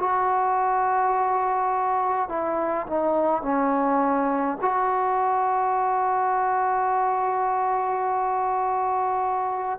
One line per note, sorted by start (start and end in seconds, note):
0.00 2.29 F#4
2.29 2.87 E4
2.87 3.43 D#4
3.43 4.58 C#4
4.62 9.79 F#4